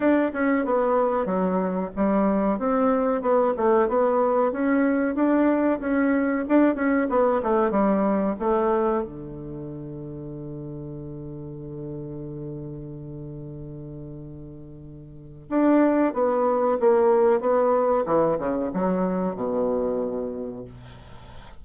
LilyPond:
\new Staff \with { instrumentName = "bassoon" } { \time 4/4 \tempo 4 = 93 d'8 cis'8 b4 fis4 g4 | c'4 b8 a8 b4 cis'4 | d'4 cis'4 d'8 cis'8 b8 a8 | g4 a4 d2~ |
d1~ | d1 | d'4 b4 ais4 b4 | e8 cis8 fis4 b,2 | }